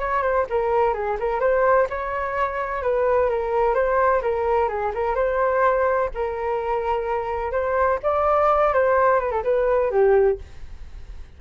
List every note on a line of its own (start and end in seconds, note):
0.00 0.23 C#5
0.23 0.46 C5
0.50 0.94 A#4
0.94 1.17 G#4
1.20 1.40 A#4
1.40 1.88 C5
1.90 2.83 C#5
2.83 3.30 B4
3.30 3.75 A#4
3.75 4.22 C5
4.22 4.69 A#4
4.69 4.92 G#4
4.95 5.15 A#4
5.15 6.10 C5
6.15 7.52 A#4
7.52 7.99 C5
8.03 8.74 D5
8.74 9.20 C5
9.20 9.32 B4
9.32 9.43 A4
9.44 9.91 B4
9.91 10.39 G4